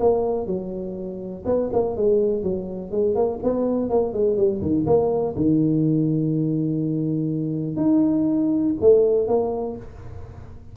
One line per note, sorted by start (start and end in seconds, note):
0.00 0.47 A#3
0.47 1.44 F#3
1.45 1.70 B3
1.73 1.96 A#3
1.96 2.43 G#3
2.43 2.91 F#3
2.91 3.15 G#3
3.15 3.39 A#3
3.43 3.90 B3
3.90 4.13 A#3
4.13 4.37 G#3
4.37 4.61 G3
4.62 4.86 D#3
4.86 5.35 A#3
5.36 7.77 D#3
7.77 8.74 D#4
8.81 9.27 A3
9.27 9.76 A#3